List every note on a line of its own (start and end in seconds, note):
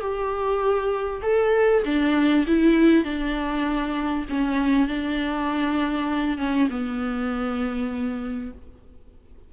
0.00 1.21 G4
1.22 1.83 A4
1.85 2.45 D4
2.47 3.04 E4
3.04 4.25 D4
4.29 4.88 C#4
4.88 6.37 D4
6.37 6.68 C#4
6.69 8.51 B3